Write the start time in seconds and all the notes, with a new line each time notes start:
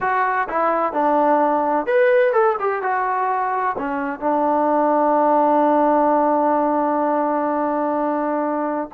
0.01 F#4
0.48 E4
0.92 D4
1.86 B4
2.32 A4
2.59 G4
2.82 F#4
3.78 C#4
4.20 D4